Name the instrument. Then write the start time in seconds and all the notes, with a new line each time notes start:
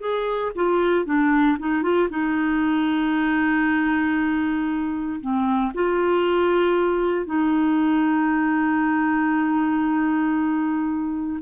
clarinet
0.00 G#4
0.55 F4
1.05 D4
1.58 D#4
1.82 F4
2.10 D#4
5.20 C4
5.74 F4
7.26 D#4